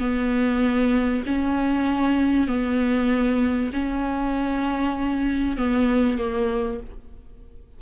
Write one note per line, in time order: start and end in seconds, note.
0.00 1.24 B3
1.26 2.48 C#4
2.48 3.71 B3
3.73 5.57 C#4
5.57 6.18 B3
6.18 6.80 A#3